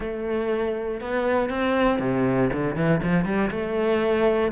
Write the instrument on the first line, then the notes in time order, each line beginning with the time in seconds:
cello
0.00 A3
1.01 B3
1.49 C4
1.99 C3
2.52 D3
2.75 E3
3.03 F3
3.25 G3
3.50 A3